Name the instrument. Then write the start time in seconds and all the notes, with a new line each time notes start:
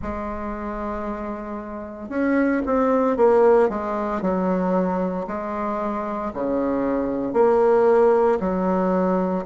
bassoon
0.02 G#3
2.09 C#4
2.66 C4
3.16 A#3
3.68 G#3
4.21 F#3
5.27 G#3
6.33 C#3
7.33 A#3
8.40 F#3